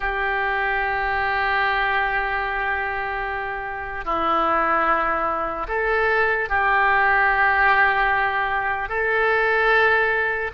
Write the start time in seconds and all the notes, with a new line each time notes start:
0.00 G4
4.04 E4
5.68 A4
6.49 G4
8.89 A4